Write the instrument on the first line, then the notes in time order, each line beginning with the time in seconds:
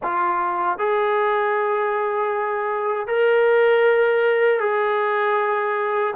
trombone
0.02 F4
0.78 G#4
3.07 A#4
4.60 G#4